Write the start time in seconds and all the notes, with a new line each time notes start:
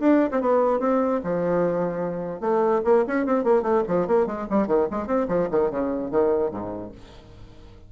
0.00 D4
0.32 C4
0.41 B3
0.80 C4
1.24 F3
2.41 A3
2.85 A#3
3.08 C#4
3.27 C4
3.44 A#3
3.63 A3
3.88 F3
4.08 A#3
4.27 G#3
4.50 G3
4.68 D#3
4.91 G#3
5.07 C4
5.29 F3
5.51 D#3
5.71 C#3
6.11 D#3
6.51 G#2